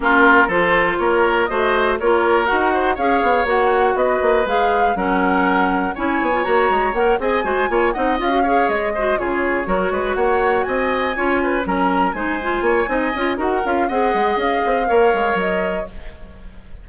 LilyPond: <<
  \new Staff \with { instrumentName = "flute" } { \time 4/4 \tempo 4 = 121 ais'4 c''4 cis''4 dis''4 | cis''4 fis''4 f''4 fis''4 | dis''4 f''4 fis''2 | gis''4 ais''4 fis''8 gis''4. |
fis''8 f''4 dis''4 cis''4.~ | cis''8 fis''4 gis''2 ais''8~ | ais''8 gis''2~ gis''8 fis''8 f''8 | fis''4 f''2 dis''4 | }
  \new Staff \with { instrumentName = "oboe" } { \time 4/4 f'4 a'4 ais'4 c''4 | ais'4. c''8 cis''2 | b'2 ais'2 | cis''2~ cis''8 dis''8 c''8 cis''8 |
dis''4 cis''4 c''8 gis'4 ais'8 | b'8 cis''4 dis''4 cis''8 b'8 ais'8~ | ais'8 c''4 cis''8 dis''4 ais'4 | dis''2 cis''2 | }
  \new Staff \with { instrumentName = "clarinet" } { \time 4/4 cis'4 f'2 fis'4 | f'4 fis'4 gis'4 fis'4~ | fis'4 gis'4 cis'2 | e'8. f'16 fis'4 ais'8 gis'8 fis'8 f'8 |
dis'8 f'16 fis'16 gis'4 fis'8 f'4 fis'8~ | fis'2~ fis'8 f'4 cis'8~ | cis'8 dis'8 f'4 dis'8 f'8 fis'8 f'8 | gis'2 ais'2 | }
  \new Staff \with { instrumentName = "bassoon" } { \time 4/4 ais4 f4 ais4 a4 | ais4 dis'4 cis'8 b8 ais4 | b8 ais8 gis4 fis2 | cis'8 b8 ais8 gis8 ais8 c'8 gis8 ais8 |
c'8 cis'4 gis4 cis4 fis8 | gis8 ais4 c'4 cis'4 fis8~ | fis8 gis4 ais8 c'8 cis'8 dis'8 cis'8 | c'8 gis8 cis'8 c'8 ais8 gis8 fis4 | }
>>